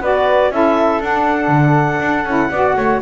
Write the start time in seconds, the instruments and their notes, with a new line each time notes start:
0.00 double bass B3, saxophone F#4, flute B4, clarinet D5
0.50 double bass C#4, saxophone E4, flute A4, clarinet E5
1.00 double bass D4, saxophone D4, clarinet F#5
1.48 double bass D3
2.00 double bass D4
2.24 double bass C#4, saxophone E4
2.50 double bass B3, saxophone F#4, flute D5
2.76 double bass A3, flute C#5